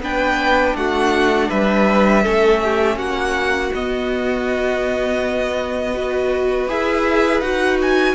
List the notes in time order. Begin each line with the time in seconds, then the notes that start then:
0.00 B3 D4 B4 G5
0.76 A3 F#4 F#5
1.49 G3 B4 E5
2.23 A3 C#4 A4
2.64 G4
2.96 A#3 F#4 F#5
3.75 B3 D#5
5.95 F#4 B4
6.68 E4 G#4 E5
7.41 D#4 F#4 F#5
7.82 G#5